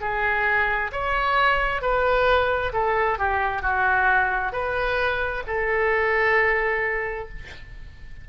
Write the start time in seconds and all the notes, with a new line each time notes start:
0.00 G#4
0.92 C#5
1.81 B4
2.73 A4
3.18 G4
3.62 F#4
4.52 B4
5.47 A4